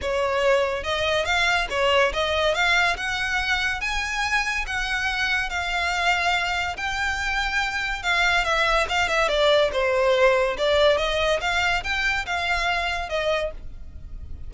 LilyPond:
\new Staff \with { instrumentName = "violin" } { \time 4/4 \tempo 4 = 142 cis''2 dis''4 f''4 | cis''4 dis''4 f''4 fis''4~ | fis''4 gis''2 fis''4~ | fis''4 f''2. |
g''2. f''4 | e''4 f''8 e''8 d''4 c''4~ | c''4 d''4 dis''4 f''4 | g''4 f''2 dis''4 | }